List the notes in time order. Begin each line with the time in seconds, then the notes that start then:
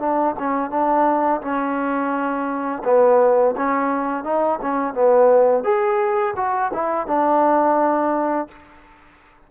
0.00 D4
0.39 C#4
0.71 D4
1.42 C#4
2.85 B3
3.57 C#4
4.24 D#4
4.62 C#4
4.94 B3
5.64 G#4
6.37 F#4
6.74 E4
7.07 D4